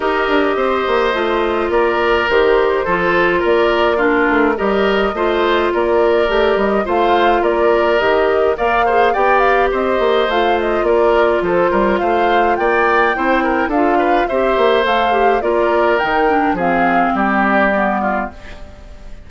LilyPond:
<<
  \new Staff \with { instrumentName = "flute" } { \time 4/4 \tempo 4 = 105 dis''2. d''4 | c''2 d''4 ais'4 | dis''2 d''4. dis''8 | f''4 d''4 dis''4 f''4 |
g''8 f''8 dis''4 f''8 dis''8 d''4 | c''4 f''4 g''2 | f''4 e''4 f''4 d''4 | g''4 f''4 d''2 | }
  \new Staff \with { instrumentName = "oboe" } { \time 4/4 ais'4 c''2 ais'4~ | ais'4 a'4 ais'4 f'4 | ais'4 c''4 ais'2 | c''4 ais'2 d''8 c''8 |
d''4 c''2 ais'4 | a'8 ais'8 c''4 d''4 c''8 ais'8 | a'8 b'8 c''2 ais'4~ | ais'4 gis'4 g'4. f'8 | }
  \new Staff \with { instrumentName = "clarinet" } { \time 4/4 g'2 f'2 | g'4 f'2 d'4 | g'4 f'2 g'4 | f'2 g'4 ais'8 gis'8 |
g'2 f'2~ | f'2. e'4 | f'4 g'4 a'8 g'8 f'4 | dis'8 d'8 c'2 b4 | }
  \new Staff \with { instrumentName = "bassoon" } { \time 4/4 dis'8 d'8 c'8 ais8 a4 ais4 | dis4 f4 ais4. a8 | g4 a4 ais4 a8 g8 | a4 ais4 dis4 ais4 |
b4 c'8 ais8 a4 ais4 | f8 g8 a4 ais4 c'4 | d'4 c'8 ais8 a4 ais4 | dis4 f4 g2 | }
>>